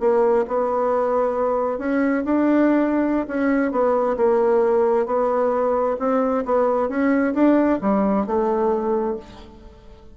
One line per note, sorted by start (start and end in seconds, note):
0.00 0.45 A#3
0.47 1.78 B3
1.78 2.23 C#4
2.25 3.26 D4
3.27 3.71 C#4
3.71 4.16 B3
4.16 5.06 A#3
5.06 5.96 B3
5.99 6.44 C4
6.45 6.88 B3
6.88 7.33 C#4
7.34 7.79 D4
7.81 8.26 G3
8.26 9.16 A3